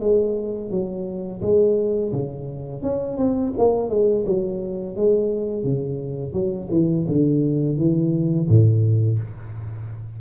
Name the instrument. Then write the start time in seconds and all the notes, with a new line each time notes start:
tuba
0.00 G#3
0.71 F#3
1.41 G#3
2.12 C#3
2.82 C#4
3.17 C4
3.58 A#3
3.90 G#3
4.26 F#3
4.96 G#3
5.64 C#3
6.33 F#3
6.71 E3
7.07 D3
7.77 E3
8.48 A2